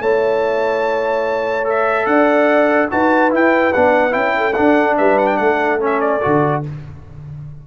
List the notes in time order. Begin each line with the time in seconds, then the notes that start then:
0.00 A3 E4 C#5 A5
1.64 A4 E5
2.06 D4 D5 F#5
2.91 D#4 F#4 B4 A5
3.31 E4 G5
3.73 B3 D4 F#5
4.11 C#4 E4 G5
4.37 A4
4.54 D4 F#5
4.98 G3 B4 E5
5.18 F#5
5.27 G5
5.37 A3 A4 F#5
5.79 C#4 E5
6.01 D5
6.22 D3 F#4